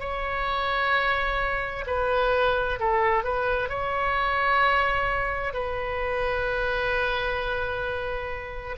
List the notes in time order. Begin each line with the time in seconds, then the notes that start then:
0.00 C#5
1.87 B4
2.79 A4
3.23 B4
3.69 C#5
5.53 B4